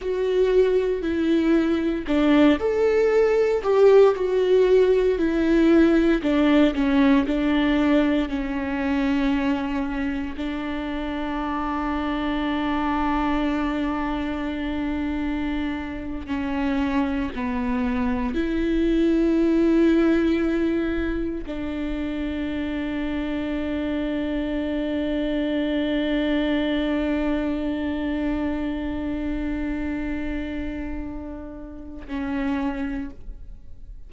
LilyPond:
\new Staff \with { instrumentName = "viola" } { \time 4/4 \tempo 4 = 58 fis'4 e'4 d'8 a'4 g'8 | fis'4 e'4 d'8 cis'8 d'4 | cis'2 d'2~ | d'2.~ d'8. cis'16~ |
cis'8. b4 e'2~ e'16~ | e'8. d'2.~ d'16~ | d'1~ | d'2. cis'4 | }